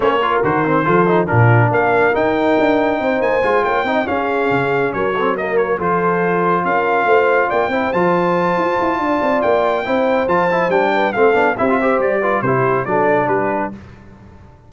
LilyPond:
<<
  \new Staff \with { instrumentName = "trumpet" } { \time 4/4 \tempo 4 = 140 cis''4 c''2 ais'4 | f''4 g''2~ g''8 gis''8~ | gis''8 g''4 f''2 cis''8~ | cis''8 dis''8 cis''8 c''2 f''8~ |
f''4. g''4 a''4.~ | a''2 g''2 | a''4 g''4 f''4 e''4 | d''4 c''4 d''4 b'4 | }
  \new Staff \with { instrumentName = "horn" } { \time 4/4 c''8 ais'4. a'4 f'4 | ais'2. c''4~ | c''8 cis''8 dis''8 gis'2 ais'8 | a'8 ais'4 a'2 ais'8~ |
ais'8 c''4 d''8 c''2~ | c''4 d''2 c''4~ | c''4. b'8 a'4 g'8 c''8~ | c''8 b'8 g'4 a'4 g'4 | }
  \new Staff \with { instrumentName = "trombone" } { \time 4/4 cis'8 f'8 fis'8 c'8 f'8 dis'8 d'4~ | d'4 dis'2. | f'4 dis'8 cis'2~ cis'8 | c'8 ais4 f'2~ f'8~ |
f'2 e'8 f'4.~ | f'2. e'4 | f'8 e'8 d'4 c'8 d'8 e'16 f'16 g'8~ | g'8 f'8 e'4 d'2 | }
  \new Staff \with { instrumentName = "tuba" } { \time 4/4 ais4 dis4 f4 ais,4 | ais4 dis'4 d'4 c'8 ais8 | gis8 ais8 c'8 cis'4 cis4 fis8~ | fis4. f2 cis'8~ |
cis'8 a4 ais8 c'8 f4. | f'8 e'8 d'8 c'8 ais4 c'4 | f4 g4 a8 b8 c'4 | g4 c4 fis4 g4 | }
>>